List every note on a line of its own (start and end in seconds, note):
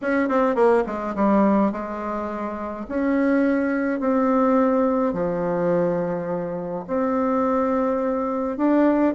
0.01 0.29 C#4
0.29 0.55 C4
0.55 0.83 A#3
0.86 1.15 G#3
1.15 1.71 G3
1.71 2.86 G#3
2.88 3.99 C#4
3.99 5.13 C4
5.13 6.84 F3
6.87 8.57 C4
8.57 9.14 D4